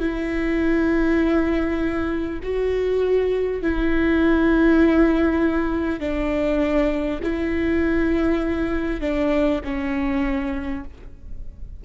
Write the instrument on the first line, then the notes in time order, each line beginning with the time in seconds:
viola
0.00 E4
2.43 F#4
3.62 E4
6.00 D4
7.23 E4
9.01 D4
9.64 C#4